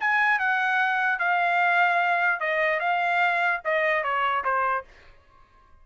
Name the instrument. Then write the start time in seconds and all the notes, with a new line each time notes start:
trumpet
0.00 G#5
0.39 F#5
1.19 F5
2.40 D#5
2.80 F5
3.64 D#5
4.03 C#5
4.44 C5